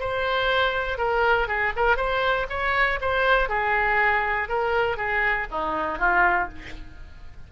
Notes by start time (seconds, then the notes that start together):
0.00 C5
0.98 A#4
1.48 G#4
1.76 A#4
1.97 C5
2.50 C#5
3.01 C5
3.49 G#4
4.49 A#4
4.97 G#4
5.51 D#4
5.99 F4